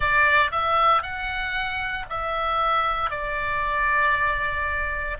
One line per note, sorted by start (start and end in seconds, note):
0.00 0.50 D5
0.51 1.02 E5
1.02 2.05 F#5
2.09 3.10 E5
3.10 5.17 D5